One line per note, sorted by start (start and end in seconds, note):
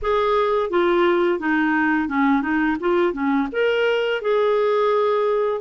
0.02 0.70 G#4
0.70 1.39 F4
1.39 2.08 D#4
2.08 2.42 C#4
2.42 2.77 D#4
2.80 3.13 F4
3.13 3.48 C#4
3.51 4.21 A#4
4.21 5.61 G#4